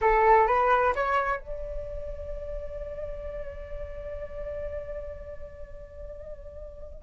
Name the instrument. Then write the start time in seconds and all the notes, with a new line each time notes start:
flute
0.01 A4
0.47 B4
0.95 C#5
1.39 D5